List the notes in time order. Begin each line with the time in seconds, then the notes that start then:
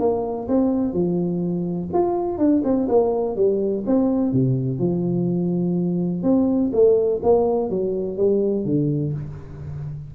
0.00 A#3
0.49 C4
0.93 F3
1.94 F4
2.38 D4
2.64 C4
2.89 A#3
3.37 G3
3.87 C4
4.33 C3
4.80 F3
6.23 C4
6.73 A3
7.23 A#3
7.70 F#3
8.18 G3
8.65 D3